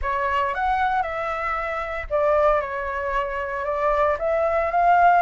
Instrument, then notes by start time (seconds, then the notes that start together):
flute
0.02 C#5
0.54 F#5
1.02 E5
2.09 D5
2.60 C#5
3.65 D5
4.19 E5
4.71 F5